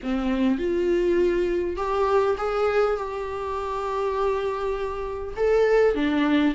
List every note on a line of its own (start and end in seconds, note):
0.02 0.58 C4
0.58 1.76 F4
1.76 2.35 G4
2.37 2.96 G#4
2.96 5.34 G4
5.36 5.95 A4
5.95 6.54 D4